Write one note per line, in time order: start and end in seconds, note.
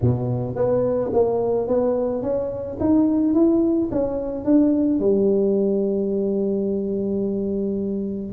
0.01 0.55 B2
0.55 1.11 B3
1.13 1.67 A#3
1.67 2.22 B3
2.22 2.78 C#4
2.80 3.34 D#4
3.34 3.89 E4
3.91 4.44 C#4
4.44 4.99 D4
4.99 8.33 G3